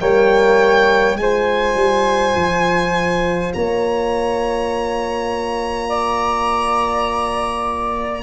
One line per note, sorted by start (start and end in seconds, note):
0.00 1.16 G3
0.00 1.17 A#3
0.00 1.19 C#5
0.00 1.17 G5
1.16 1.75 G#3
1.16 8.23 F4
1.16 3.52 G#5
1.22 3.56 C5
1.75 2.34 G3
2.36 3.53 F3
3.54 8.23 A#3
3.54 5.89 C#5
3.54 8.23 A#5
5.89 8.23 D5